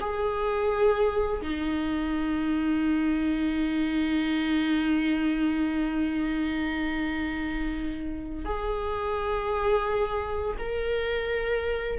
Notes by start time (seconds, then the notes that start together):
0.00 G#4
1.41 D#4
8.45 G#4
10.59 A#4